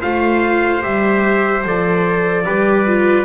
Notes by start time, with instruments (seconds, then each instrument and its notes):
0.00 double bass A3, viola F4, trumpet C5 F5
0.81 double bass G3, viola G4, trumpet E5
1.64 double bass F3, viola A4, trumpet D5
2.45 double bass G3, viola G4, trumpet B4
2.86 viola F4